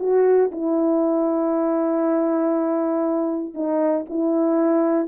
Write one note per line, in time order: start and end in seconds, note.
0.00 0.51 F#4
0.52 3.55 E4
3.55 4.06 D#4
4.10 5.08 E4